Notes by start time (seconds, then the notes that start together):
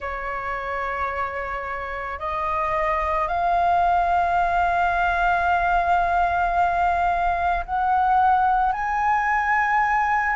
0.00 C#5
2.19 D#5
3.28 F5
7.65 F#5
8.72 G#5